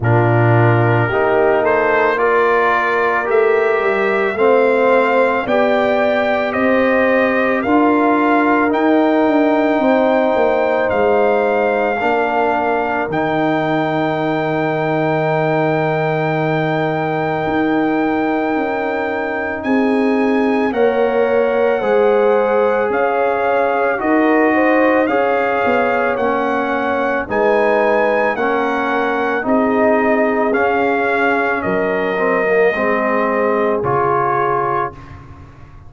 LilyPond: <<
  \new Staff \with { instrumentName = "trumpet" } { \time 4/4 \tempo 4 = 55 ais'4. c''8 d''4 e''4 | f''4 g''4 dis''4 f''4 | g''2 f''2 | g''1~ |
g''2 gis''4 fis''4~ | fis''4 f''4 dis''4 f''4 | fis''4 gis''4 fis''4 dis''4 | f''4 dis''2 cis''4 | }
  \new Staff \with { instrumentName = "horn" } { \time 4/4 f'4 g'8 a'8 ais'2 | c''4 d''4 c''4 ais'4~ | ais'4 c''2 ais'4~ | ais'1~ |
ais'2 gis'4 cis''4 | c''4 cis''4 ais'8 c''8 cis''4~ | cis''4 b'4 ais'4 gis'4~ | gis'4 ais'4 gis'2 | }
  \new Staff \with { instrumentName = "trombone" } { \time 4/4 d'4 dis'4 f'4 g'4 | c'4 g'2 f'4 | dis'2. d'4 | dis'1~ |
dis'2. ais'4 | gis'2 fis'4 gis'4 | cis'4 dis'4 cis'4 dis'4 | cis'4. c'16 ais16 c'4 f'4 | }
  \new Staff \with { instrumentName = "tuba" } { \time 4/4 ais,4 ais2 a8 g8 | a4 b4 c'4 d'4 | dis'8 d'8 c'8 ais8 gis4 ais4 | dis1 |
dis'4 cis'4 c'4 ais4 | gis4 cis'4 dis'4 cis'8 b8 | ais4 gis4 ais4 c'4 | cis'4 fis4 gis4 cis4 | }
>>